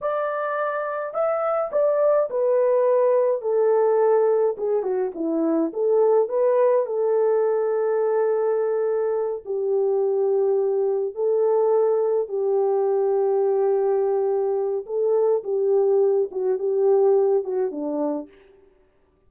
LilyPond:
\new Staff \with { instrumentName = "horn" } { \time 4/4 \tempo 4 = 105 d''2 e''4 d''4 | b'2 a'2 | gis'8 fis'8 e'4 a'4 b'4 | a'1~ |
a'8 g'2. a'8~ | a'4. g'2~ g'8~ | g'2 a'4 g'4~ | g'8 fis'8 g'4. fis'8 d'4 | }